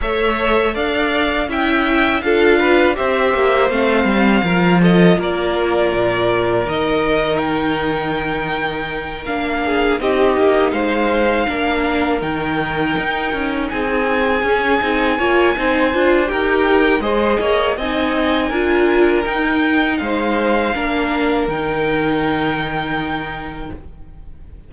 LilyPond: <<
  \new Staff \with { instrumentName = "violin" } { \time 4/4 \tempo 4 = 81 e''4 f''4 g''4 f''4 | e''4 f''4. dis''8 d''4~ | d''4 dis''4 g''2~ | g''8 f''4 dis''4 f''4.~ |
f''8 g''2 gis''4.~ | gis''2 g''4 dis''4 | gis''2 g''4 f''4~ | f''4 g''2. | }
  \new Staff \with { instrumentName = "violin" } { \time 4/4 cis''4 d''4 e''4 a'8 b'8 | c''2 ais'8 a'8 ais'4~ | ais'1~ | ais'4 gis'8 g'4 c''4 ais'8~ |
ais'2~ ais'8 gis'4.~ | gis'8 cis''8 c''4 ais'4 c''8 cis''8 | dis''4 ais'2 c''4 | ais'1 | }
  \new Staff \with { instrumentName = "viola" } { \time 4/4 a'2 e'4 f'4 | g'4 c'4 f'2~ | f'4 dis'2.~ | dis'8 d'4 dis'2 d'8~ |
d'8 dis'2. cis'8 | dis'8 f'8 dis'8 f'8 g'4 gis'4 | dis'4 f'4 dis'2 | d'4 dis'2. | }
  \new Staff \with { instrumentName = "cello" } { \time 4/4 a4 d'4 cis'4 d'4 | c'8 ais8 a8 g8 f4 ais4 | ais,4 dis2.~ | dis8 ais4 c'8 ais8 gis4 ais8~ |
ais8 dis4 dis'8 cis'8 c'4 cis'8 | c'8 ais8 c'8 d'8 dis'4 gis8 ais8 | c'4 d'4 dis'4 gis4 | ais4 dis2. | }
>>